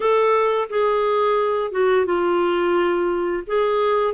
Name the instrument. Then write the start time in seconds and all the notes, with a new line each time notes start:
clarinet
0.00 A4
0.69 G#4
1.71 F#4
2.05 F4
3.47 G#4